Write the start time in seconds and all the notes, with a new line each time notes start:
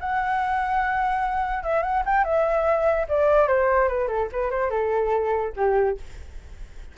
0.00 F#5
1.63 E5
1.82 F#5
2.05 G5
2.24 E5
3.08 D5
3.48 C5
3.88 B4
4.08 A4
4.32 B4
4.50 C5
4.70 A4
5.56 G4